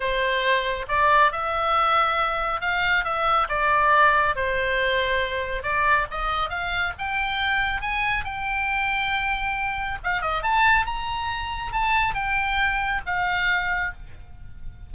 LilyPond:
\new Staff \with { instrumentName = "oboe" } { \time 4/4 \tempo 4 = 138 c''2 d''4 e''4~ | e''2 f''4 e''4 | d''2 c''2~ | c''4 d''4 dis''4 f''4 |
g''2 gis''4 g''4~ | g''2. f''8 dis''8 | a''4 ais''2 a''4 | g''2 f''2 | }